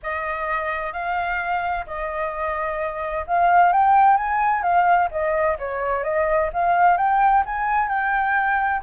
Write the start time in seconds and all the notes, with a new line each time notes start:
0.02 D#5
0.92 F5
1.86 D#5
3.26 F5
3.72 G5
4.16 G#5
4.62 F5
5.11 D#5
5.58 C#5
6.03 D#5
6.53 F5
6.97 G5
7.45 G#5
7.88 G5